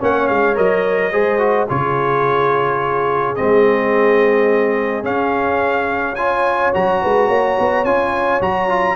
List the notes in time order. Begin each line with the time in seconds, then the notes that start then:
0.00 A#3 C#4 C#5 F#5
0.28 G#3 F5
0.55 F#3 A#4 D#5
1.13 G#3 G#4 C5
1.39 F#4
1.70 C#3 F4 G#4 C#5
3.36 G#3 C4 D#5
5.04 C#4 F5
6.16 F4 C#5 G#5
6.74 F#3 F#4 A#5
7.03 G#3 B4
7.28 A#3 C#5
7.59 B3
7.85 C#4 F4 G#5
8.41 F#3 F#4 A#5
8.69 F4